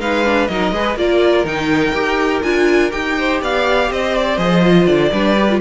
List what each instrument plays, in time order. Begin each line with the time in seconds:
0.00 cello G#3, viola D#4, violin B4 F5
0.25 viola D4
0.47 cello F#3, viola D#4, violin A#4 D#5
0.72 cello G#3, viola G#4, violin B4
0.96 cello A#3, viola F4, violin A#4 D5
1.44 cello D#3, viola D#4, violin G5
1.94 cello D#4, viola G4
2.43 cello D4, viola F4, violin G#5
2.91 cello D#4, viola G4, violin G5
3.18 violin C5
3.42 cello B3, violin D5 F5
3.91 cello C4, violin C5 D#5
4.17 violin D5
4.38 cello F3, viola G#4, violin D#5
4.62 viola F4
4.86 cello D3, violin D5
5.12 cello G3, viola D4, violin B4
5.39 viola G4
5.51 viola F4